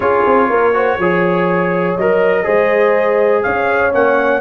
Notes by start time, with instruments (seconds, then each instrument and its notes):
0.00 tuba C#4, trombone F4, horn G#4, trumpet C#5
0.26 tuba C4
0.49 tuba A#3, horn A#4
0.73 trombone F#4, horn C5
0.98 tuba F3, trombone G#4, horn C#5
1.96 tuba F#3, trombone A#4, trumpet D#5
2.43 tuba G#3, trombone G#4, horn C5
3.42 tuba C#4, horn C#5, trumpet F5
3.91 tuba A#3, trombone C#4, trumpet F#5